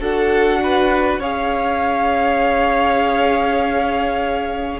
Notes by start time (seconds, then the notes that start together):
0.00 D4 F#4 A4 F#5
0.63 B4
1.20 C#4 G#4 C#5 F5